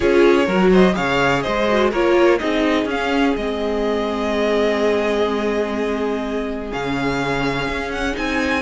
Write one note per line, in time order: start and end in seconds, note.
0.00 0.47 C#4
0.00 0.46 F4
0.00 0.46 G#4
0.00 0.72 C#5
0.46 0.95 F#3
0.46 0.93 F#4
0.46 0.70 A#4
0.70 0.94 C5
0.70 0.95 D#5
0.93 1.45 C#3
0.93 1.65 G#4
0.93 1.43 C#5
0.93 1.42 F5
1.42 1.92 G#3
1.42 1.90 C5
1.42 1.90 D#5
1.68 1.92 F#4
1.90 2.40 A#3
1.90 2.39 F4
1.90 2.38 A#4
1.90 2.38 C#5
2.38 2.85 C4
2.38 2.87 D#4
2.38 8.61 G#4
2.38 2.86 D#5
2.85 3.33 C#4
2.85 3.38 C#4
2.85 3.36 F5
3.35 6.71 G#3
3.35 6.71 C4
3.35 6.72 D#5
6.71 7.67 C#3
6.71 8.13 C#4
6.71 7.91 F5
7.67 8.15 C#4
7.91 8.15 F#5
8.13 8.61 C4
8.13 8.61 D#4
8.13 8.61 G#5